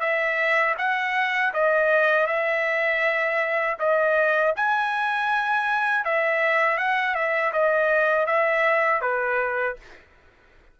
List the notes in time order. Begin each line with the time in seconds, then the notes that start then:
0.00 E5
0.78 F#5
1.54 D#5
2.27 E5
3.79 D#5
4.56 G#5
6.05 E5
6.77 F#5
7.15 E5
7.53 D#5
8.26 E5
9.01 B4